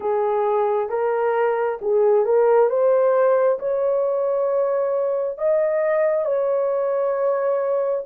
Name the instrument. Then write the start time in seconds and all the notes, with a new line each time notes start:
horn
0.00 G#4
0.89 A#4
1.81 G#4
2.25 A#4
2.69 C5
3.59 C#5
5.37 D#5
6.25 C#5